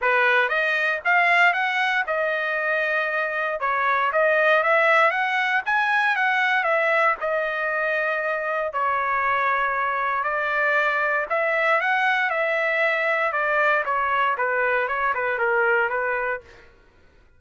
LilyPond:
\new Staff \with { instrumentName = "trumpet" } { \time 4/4 \tempo 4 = 117 b'4 dis''4 f''4 fis''4 | dis''2. cis''4 | dis''4 e''4 fis''4 gis''4 | fis''4 e''4 dis''2~ |
dis''4 cis''2. | d''2 e''4 fis''4 | e''2 d''4 cis''4 | b'4 cis''8 b'8 ais'4 b'4 | }